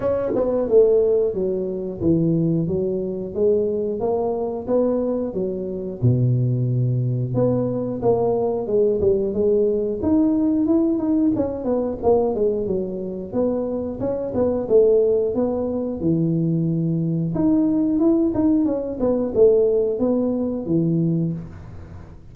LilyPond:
\new Staff \with { instrumentName = "tuba" } { \time 4/4 \tempo 4 = 90 cis'8 b8 a4 fis4 e4 | fis4 gis4 ais4 b4 | fis4 b,2 b4 | ais4 gis8 g8 gis4 dis'4 |
e'8 dis'8 cis'8 b8 ais8 gis8 fis4 | b4 cis'8 b8 a4 b4 | e2 dis'4 e'8 dis'8 | cis'8 b8 a4 b4 e4 | }